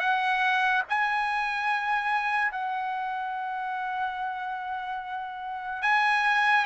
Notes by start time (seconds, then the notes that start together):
0.00 F#5
0.89 G#5
2.52 F#5
5.82 G#5